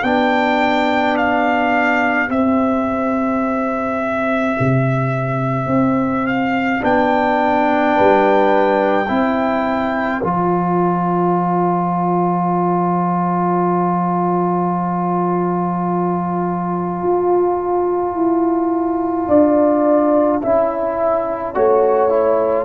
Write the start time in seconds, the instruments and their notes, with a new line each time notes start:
0.00 tuba B3, trombone D4, horn G4, trumpet G5
1.16 trumpet F5
2.28 trombone C4, tuba C4, trumpet E5
4.59 tuba C3
5.66 tuba C4
6.26 trumpet F5
6.79 tuba B3, trombone D4, trumpet G5
7.95 tuba G3, horn B4
9.08 tuba C4, trombone E4, horn C5
10.23 tuba F3, trombone F4, trumpet A5
17.02 tuba F4
18.14 tuba E4
19.28 tuba D4, horn D5
20.41 tuba C#4, trombone E4, horn E5
21.54 tuba A3, trombone F#4, horn C#5
22.09 trombone E4